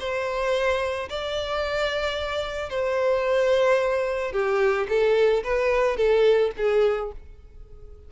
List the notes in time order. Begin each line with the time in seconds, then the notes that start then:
0.00 C5
1.10 D5
2.70 C5
4.33 G4
4.89 A4
5.44 B4
5.97 A4
6.58 G#4